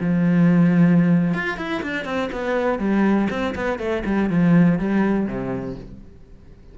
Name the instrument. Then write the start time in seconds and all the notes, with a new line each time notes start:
cello
0.00 F3
1.34 F4
1.57 E4
1.83 D4
2.05 C4
2.32 B3
2.79 G3
3.30 C4
3.55 B3
3.79 A3
4.06 G3
4.30 F3
4.79 G3
5.26 C3